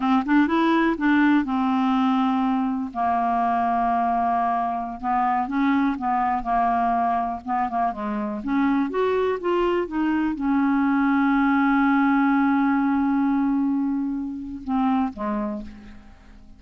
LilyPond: \new Staff \with { instrumentName = "clarinet" } { \time 4/4 \tempo 4 = 123 c'8 d'8 e'4 d'4 c'4~ | c'2 ais2~ | ais2~ ais16 b4 cis'8.~ | cis'16 b4 ais2 b8 ais16~ |
ais16 gis4 cis'4 fis'4 f'8.~ | f'16 dis'4 cis'2~ cis'8.~ | cis'1~ | cis'2 c'4 gis4 | }